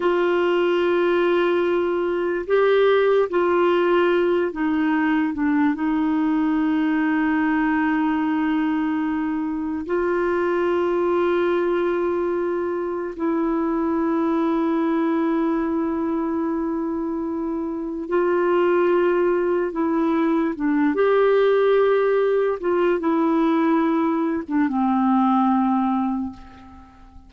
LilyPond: \new Staff \with { instrumentName = "clarinet" } { \time 4/4 \tempo 4 = 73 f'2. g'4 | f'4. dis'4 d'8 dis'4~ | dis'1 | f'1 |
e'1~ | e'2 f'2 | e'4 d'8 g'2 f'8 | e'4.~ e'16 d'16 c'2 | }